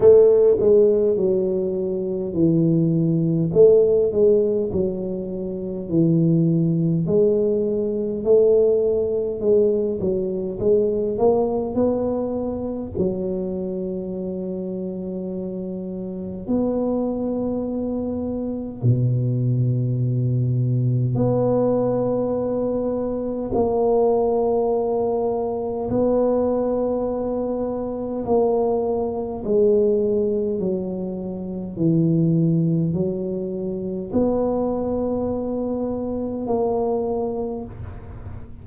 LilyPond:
\new Staff \with { instrumentName = "tuba" } { \time 4/4 \tempo 4 = 51 a8 gis8 fis4 e4 a8 gis8 | fis4 e4 gis4 a4 | gis8 fis8 gis8 ais8 b4 fis4~ | fis2 b2 |
b,2 b2 | ais2 b2 | ais4 gis4 fis4 e4 | fis4 b2 ais4 | }